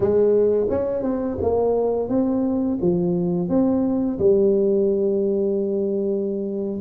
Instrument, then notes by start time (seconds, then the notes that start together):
tuba
0.00 G#3
0.69 C#4
1.02 C4
1.41 A#3
2.08 C4
2.81 F3
3.49 C4
4.19 G3